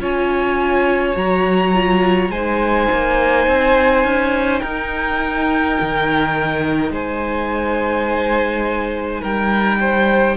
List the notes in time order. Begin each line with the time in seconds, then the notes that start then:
0.00 C#4 F4 C#5 G#5
1.15 F#3 F#4 A#5
1.74 F4
2.30 G#3 D#4 C5 G#5
2.92 A#3
3.47 C4
4.04 C#4
4.59 D#4 A#4 G5
5.81 D#3
6.91 G#3 C5 G#5
9.21 G3 A#4 G5
9.80 C5